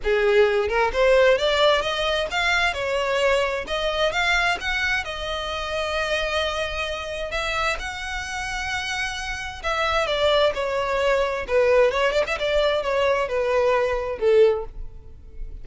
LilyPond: \new Staff \with { instrumentName = "violin" } { \time 4/4 \tempo 4 = 131 gis'4. ais'8 c''4 d''4 | dis''4 f''4 cis''2 | dis''4 f''4 fis''4 dis''4~ | dis''1 |
e''4 fis''2.~ | fis''4 e''4 d''4 cis''4~ | cis''4 b'4 cis''8 d''16 e''16 d''4 | cis''4 b'2 a'4 | }